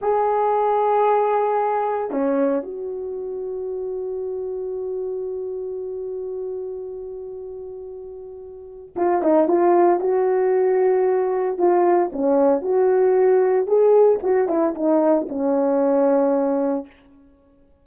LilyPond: \new Staff \with { instrumentName = "horn" } { \time 4/4 \tempo 4 = 114 gis'1 | cis'4 fis'2.~ | fis'1~ | fis'1~ |
fis'4 f'8 dis'8 f'4 fis'4~ | fis'2 f'4 cis'4 | fis'2 gis'4 fis'8 e'8 | dis'4 cis'2. | }